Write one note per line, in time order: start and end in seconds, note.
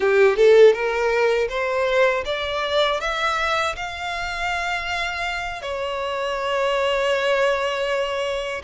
0.00 0.36 G4
0.36 0.73 A4
0.73 1.48 A#4
1.49 2.24 C5
2.25 3.00 D5
3.00 3.75 E5
3.76 5.61 F5
5.61 8.61 C#5